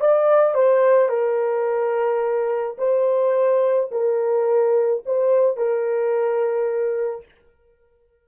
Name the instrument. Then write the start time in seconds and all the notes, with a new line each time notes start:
horn
0.00 D5
0.54 C5
1.08 A#4
2.78 C5
3.91 A#4
5.05 C5
5.57 A#4